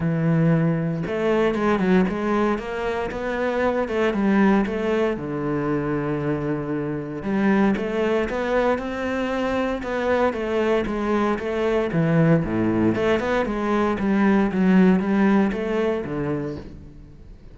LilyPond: \new Staff \with { instrumentName = "cello" } { \time 4/4 \tempo 4 = 116 e2 a4 gis8 fis8 | gis4 ais4 b4. a8 | g4 a4 d2~ | d2 g4 a4 |
b4 c'2 b4 | a4 gis4 a4 e4 | a,4 a8 b8 gis4 g4 | fis4 g4 a4 d4 | }